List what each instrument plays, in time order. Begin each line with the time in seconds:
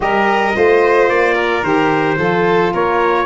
0.00 tuba G3, saxophone G4, violin A#4, trumpet D#5
0.52 tuba A3, saxophone F4, violin C5
1.09 tuba A#3, trumpet D5
1.33 violin A#4
1.63 tuba D#3, saxophone G4, trumpet C5
2.18 tuba F3, saxophone F4, violin A4
2.73 tuba A#3, violin A#4, trumpet C#5